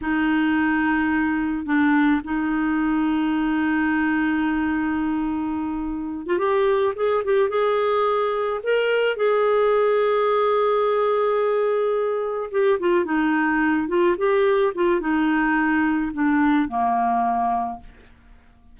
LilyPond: \new Staff \with { instrumentName = "clarinet" } { \time 4/4 \tempo 4 = 108 dis'2. d'4 | dis'1~ | dis'2.~ dis'16 f'16 g'8~ | g'8 gis'8 g'8 gis'2 ais'8~ |
ais'8 gis'2.~ gis'8~ | gis'2~ gis'8 g'8 f'8 dis'8~ | dis'4 f'8 g'4 f'8 dis'4~ | dis'4 d'4 ais2 | }